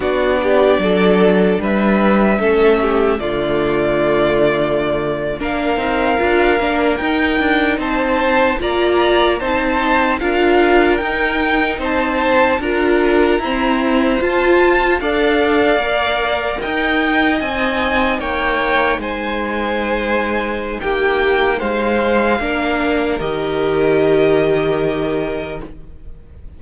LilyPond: <<
  \new Staff \with { instrumentName = "violin" } { \time 4/4 \tempo 4 = 75 d''2 e''2 | d''2~ d''8. f''4~ f''16~ | f''8. g''4 a''4 ais''4 a''16~ | a''8. f''4 g''4 a''4 ais''16~ |
ais''4.~ ais''16 a''4 f''4~ f''16~ | f''8. g''4 gis''4 g''4 gis''16~ | gis''2 g''4 f''4~ | f''4 dis''2. | }
  \new Staff \with { instrumentName = "violin" } { \time 4/4 fis'8 g'8 a'4 b'4 a'8 g'8 | f'2~ f'8. ais'4~ ais'16~ | ais'4.~ ais'16 c''4 d''4 c''16~ | c''8. ais'2 c''4 ais'16~ |
ais'8. c''2 d''4~ d''16~ | d''8. dis''2 cis''4 c''16~ | c''2 g'4 c''4 | ais'1 | }
  \new Staff \with { instrumentName = "viola" } { \time 4/4 d'2. cis'4 | a2~ a8. d'8 dis'8 f'16~ | f'16 d'8 dis'2 f'4 dis'16~ | dis'8. f'4 dis'2 f'16~ |
f'8. c'4 f'4 a'4 ais'16~ | ais'4.~ ais'16 dis'2~ dis'16~ | dis'1 | d'4 g'2. | }
  \new Staff \with { instrumentName = "cello" } { \time 4/4 b4 fis4 g4 a4 | d2~ d8. ais8 c'8 d'16~ | d'16 ais8 dis'8 d'8 c'4 ais4 c'16~ | c'8. d'4 dis'4 c'4 d'16~ |
d'8. e'4 f'4 d'4 ais16~ | ais8. dis'4 c'4 ais4 gis16~ | gis2 ais4 gis4 | ais4 dis2. | }
>>